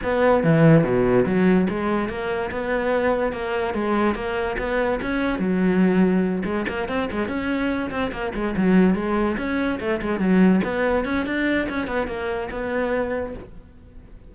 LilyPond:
\new Staff \with { instrumentName = "cello" } { \time 4/4 \tempo 4 = 144 b4 e4 b,4 fis4 | gis4 ais4 b2 | ais4 gis4 ais4 b4 | cis'4 fis2~ fis8 gis8 |
ais8 c'8 gis8 cis'4. c'8 ais8 | gis8 fis4 gis4 cis'4 a8 | gis8 fis4 b4 cis'8 d'4 | cis'8 b8 ais4 b2 | }